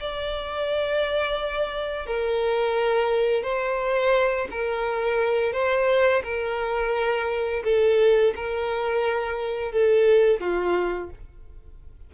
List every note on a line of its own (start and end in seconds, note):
0.00 2.07 D5
2.07 3.43 A#4
3.43 4.48 C5
4.51 5.53 A#4
5.53 6.23 C5
6.24 7.63 A#4
7.64 8.34 A4
8.36 9.72 A#4
9.72 10.40 A4
10.40 11.10 F4